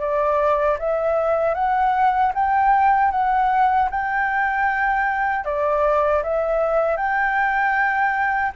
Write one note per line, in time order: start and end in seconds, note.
0.00 0.78 D5
0.79 1.55 E5
1.55 2.33 F#5
2.35 3.12 G5
3.12 3.90 F#5
3.91 5.45 G5
5.45 6.23 D5
6.23 6.97 E5
6.97 8.53 G5